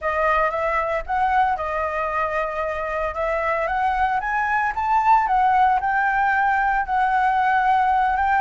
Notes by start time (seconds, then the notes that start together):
0.01 D#5
0.50 E5
1.06 F#5
1.56 D#5
3.14 E5
3.67 F#5
4.20 G#5
4.75 A5
5.27 F#5
5.80 G5
6.85 F#5
8.16 G5